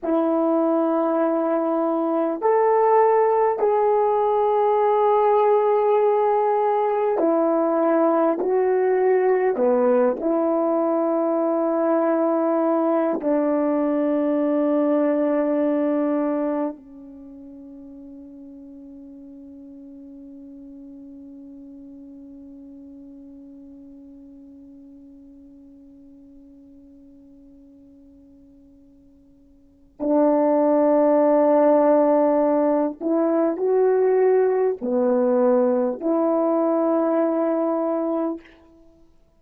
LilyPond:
\new Staff \with { instrumentName = "horn" } { \time 4/4 \tempo 4 = 50 e'2 a'4 gis'4~ | gis'2 e'4 fis'4 | b8 e'2~ e'8 d'4~ | d'2 cis'2~ |
cis'1~ | cis'1~ | cis'4 d'2~ d'8 e'8 | fis'4 b4 e'2 | }